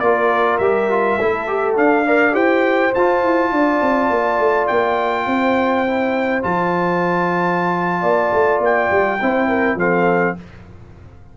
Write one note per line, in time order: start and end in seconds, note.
0.00 0.59 A#3
0.00 0.62 F4
0.00 1.20 A#4
0.00 0.58 D5
0.58 1.18 G3
0.58 0.91 G4
0.58 1.75 E5
0.91 1.20 F4
1.20 1.78 A3
1.20 1.48 E4
1.20 2.06 A4
1.48 1.76 G4
1.76 2.05 D4
1.76 2.35 D4
1.76 2.35 F5
2.06 2.33 A#4
2.06 2.35 D5
2.33 2.93 E4
2.33 2.91 G4
2.33 3.51 C5
2.33 2.94 G5
2.95 3.23 F4
2.95 5.88 F4
2.95 4.68 A5
3.23 3.52 E4
3.52 3.81 D4
3.52 5.26 D5
3.82 4.10 C4
4.10 4.39 A#3
4.39 4.68 A3
4.68 5.27 A#3
4.68 6.42 G5
5.26 6.44 C4
5.26 8.01 C5
5.88 6.43 E4
6.43 8.03 F3
6.43 9.20 F4
6.43 8.62 A5
8.01 8.32 A#3
8.01 9.18 D5
8.33 8.59 A3
8.59 8.88 A#3
8.59 9.79 G5
8.91 9.20 G3
9.22 9.76 C4
9.22 9.79 E4
9.22 9.49 C5
9.49 9.78 A#4
9.76 10.34 F3
9.76 10.37 C4
9.76 10.37 A4
9.76 10.38 F5